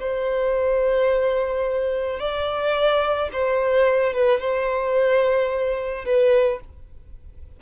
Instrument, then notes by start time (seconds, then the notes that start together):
violin
0.00 C5
2.19 D5
3.33 C5
4.13 B4
4.40 C5
6.05 B4